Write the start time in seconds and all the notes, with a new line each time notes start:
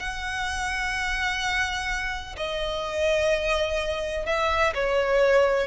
0.00 F#5
2.37 D#5
4.26 E5
4.75 C#5